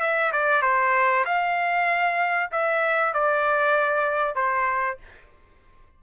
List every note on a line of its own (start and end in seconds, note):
0.00 0.31 E5
0.32 0.62 D5
0.62 1.24 C5
1.25 2.50 F5
2.51 3.13 E5
3.13 4.35 D5
4.35 4.97 C5